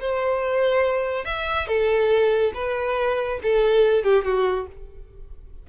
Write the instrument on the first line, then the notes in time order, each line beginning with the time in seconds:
violin
0.00 C5
1.25 E5
1.67 A4
2.54 B4
3.43 A4
4.04 G4
4.25 F#4